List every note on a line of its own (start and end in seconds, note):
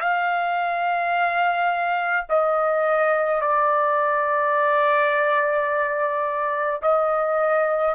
0.00 2.26 F5
2.29 3.41 D#5
3.41 6.81 D5
6.82 7.95 D#5